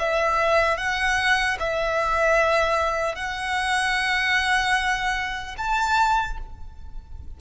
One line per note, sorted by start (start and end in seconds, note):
0.00 0.77 E5
0.77 1.57 F#5
1.60 3.16 E5
3.16 5.56 F#5
5.58 6.38 A5